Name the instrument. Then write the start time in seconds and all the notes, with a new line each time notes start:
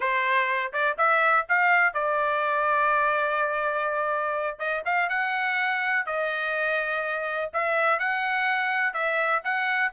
trumpet
0.00 C5
0.72 D5
0.97 E5
1.48 F5
1.93 D5
4.58 D#5
4.85 F5
5.09 F#5
6.06 D#5
7.53 E5
7.99 F#5
8.93 E5
9.44 F#5